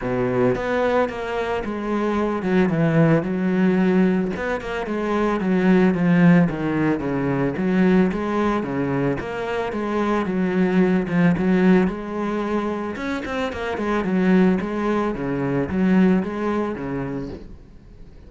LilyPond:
\new Staff \with { instrumentName = "cello" } { \time 4/4 \tempo 4 = 111 b,4 b4 ais4 gis4~ | gis8 fis8 e4 fis2 | b8 ais8 gis4 fis4 f4 | dis4 cis4 fis4 gis4 |
cis4 ais4 gis4 fis4~ | fis8 f8 fis4 gis2 | cis'8 c'8 ais8 gis8 fis4 gis4 | cis4 fis4 gis4 cis4 | }